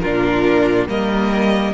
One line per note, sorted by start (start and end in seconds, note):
0.00 0.87 A#2
0.00 0.89 D4
0.00 0.87 F4
0.00 0.86 A#4
0.87 1.73 G3
0.87 1.74 A#3
0.87 1.74 A#4
0.87 1.74 D#5